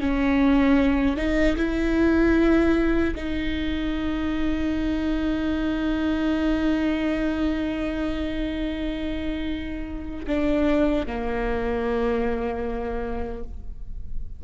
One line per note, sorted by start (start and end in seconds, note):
0.00 1.16 C#4
1.16 1.56 D#4
1.56 3.14 E4
3.15 10.26 D#4
10.27 11.06 D4
11.06 13.43 A#3